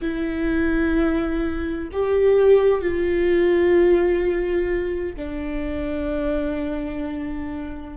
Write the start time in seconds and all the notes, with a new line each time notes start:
0.01 E4
1.92 G4
2.81 F4
5.16 D4